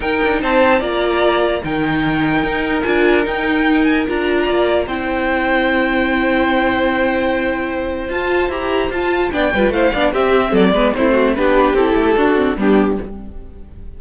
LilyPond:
<<
  \new Staff \with { instrumentName = "violin" } { \time 4/4 \tempo 4 = 148 g''4 a''4 ais''2 | g''2. gis''4 | g''4. gis''8 ais''2 | g''1~ |
g''1 | a''4 ais''4 a''4 g''4 | f''4 e''4 d''4 c''4 | b'4 a'2 g'4 | }
  \new Staff \with { instrumentName = "violin" } { \time 4/4 ais'4 c''4 d''2 | ais'1~ | ais'2. d''4 | c''1~ |
c''1~ | c''2. d''8 b'8 | c''8 d''8 g'4 a'8 b'8 e'8 fis'8 | g'2 fis'4 d'4 | }
  \new Staff \with { instrumentName = "viola" } { \time 4/4 dis'2 f'2 | dis'2. f'4 | dis'2 f'2 | e'1~ |
e'1 | f'4 g'4 f'4 d'8 f'8 | e'8 d'8 c'4. b8 c'4 | d'4 e'4 d'8 c'8 b4 | }
  \new Staff \with { instrumentName = "cello" } { \time 4/4 dis'8 d'8 c'4 ais2 | dis2 dis'4 d'4 | dis'2 d'4 ais4 | c'1~ |
c'1 | f'4 e'4 f'4 b8 g8 | a8 b8 c'4 fis8 gis8 a4 | b4 c'8 a8 d'4 g4 | }
>>